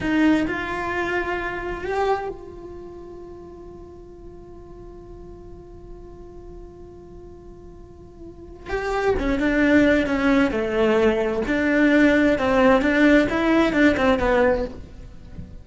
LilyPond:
\new Staff \with { instrumentName = "cello" } { \time 4/4 \tempo 4 = 131 dis'4 f'2. | g'4 f'2.~ | f'1~ | f'1~ |
f'2. g'4 | cis'8 d'4. cis'4 a4~ | a4 d'2 c'4 | d'4 e'4 d'8 c'8 b4 | }